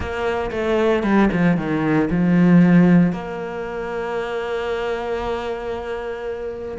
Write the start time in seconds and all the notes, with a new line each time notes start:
0.00 A#3
0.51 A3
1.03 G3
1.32 F3
1.57 D#3
2.10 F3
3.12 A#3